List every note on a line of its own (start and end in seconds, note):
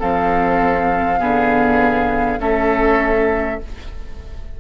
0.00 1.21 F3
0.00 1.20 C4
0.00 1.20 A4
0.00 2.41 F5
1.20 2.39 D3
1.20 2.40 B3
1.20 2.40 G#4
2.39 3.59 A3
2.39 3.60 C#4
2.39 3.60 A4
2.39 3.60 E5